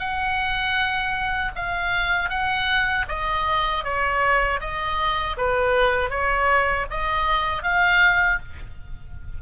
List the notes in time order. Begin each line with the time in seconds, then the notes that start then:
0.00 F#5
1.56 F5
2.30 F#5
3.09 D#5
3.85 C#5
4.61 D#5
5.38 B4
6.10 C#5
6.91 D#5
7.63 F5